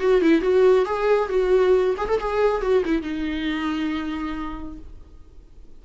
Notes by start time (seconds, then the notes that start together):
0.00 F#4
0.21 E4
0.41 F#4
0.85 G#4
1.29 F#4
1.97 G#4
2.08 A4
2.19 G#4
2.61 F#4
2.85 E4
3.02 D#4